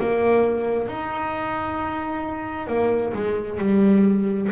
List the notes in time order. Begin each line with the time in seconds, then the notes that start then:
0.00 A#3
0.88 D#4
2.67 A#3
3.13 G#3
3.59 G3